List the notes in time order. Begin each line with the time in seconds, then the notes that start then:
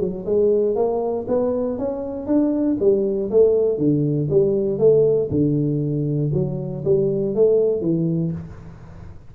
0.00 F#3
0.25 G#3
0.76 A#3
1.28 B3
1.78 C#4
2.26 D4
2.80 G3
3.31 A3
3.78 D3
4.30 G3
4.79 A3
5.31 D3
6.33 F#3
6.85 G3
7.35 A3
7.81 E3